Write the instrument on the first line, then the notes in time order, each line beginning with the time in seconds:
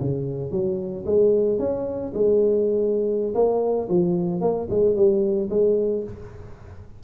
tuba
0.00 C#3
0.51 F#3
1.06 G#3
1.59 C#4
2.13 G#3
3.35 A#3
3.89 F3
4.41 A#3
4.70 G#3
4.96 G3
5.50 G#3